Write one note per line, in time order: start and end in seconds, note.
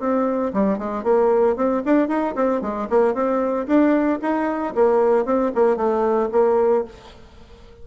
0.00 0.53 C4
0.54 0.78 G3
0.78 1.04 G#3
1.04 1.56 A#3
1.56 1.83 C4
1.85 2.08 D4
2.08 2.35 D#4
2.35 2.61 C4
2.61 2.88 G#3
2.90 3.14 A#3
3.14 3.67 C4
3.67 4.20 D4
4.22 4.74 D#4
4.75 5.25 A#3
5.25 5.52 C4
5.55 5.77 A#3
5.77 6.29 A3
6.32 6.85 A#3